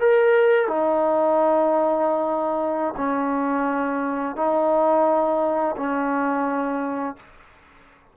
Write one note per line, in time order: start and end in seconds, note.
0.00 0.68 A#4
0.68 2.95 D#4
2.97 4.36 C#4
4.36 5.76 D#4
5.77 7.17 C#4